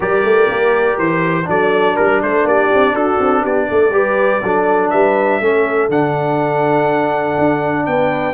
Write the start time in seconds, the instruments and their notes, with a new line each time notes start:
0.00 tuba G3, trombone G4, horn A#4, trumpet D5
0.24 tuba A3
0.49 tuba A#3
0.98 tuba E3, trumpet C5
1.44 tuba F#3, trombone D4, horn A4, trumpet D5
1.95 tuba G3, horn A#4, trumpet A#4
2.21 tuba A3, horn A4, trumpet C5
2.44 tuba A#3, horn G4, trumpet D5
2.73 tuba C4
2.92 tuba D4, horn F#4, trumpet A4
3.20 tuba C4
3.41 tuba B3, horn G4, trumpet D5
3.70 tuba A3, horn A4
3.90 tuba G3, trombone G4, horn B4
4.42 tuba F#3, trombone D4, horn A4
4.90 tuba G3, horn B4, trumpet E5
5.40 tuba A3, trombone C#4, horn A4
5.88 tuba D3, trombone D4, trumpet F#5
7.38 tuba D4
7.85 tuba B3, horn B4, trumpet G5